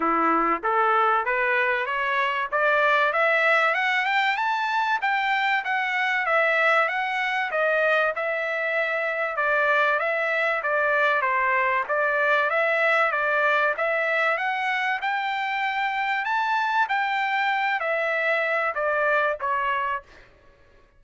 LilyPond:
\new Staff \with { instrumentName = "trumpet" } { \time 4/4 \tempo 4 = 96 e'4 a'4 b'4 cis''4 | d''4 e''4 fis''8 g''8 a''4 | g''4 fis''4 e''4 fis''4 | dis''4 e''2 d''4 |
e''4 d''4 c''4 d''4 | e''4 d''4 e''4 fis''4 | g''2 a''4 g''4~ | g''8 e''4. d''4 cis''4 | }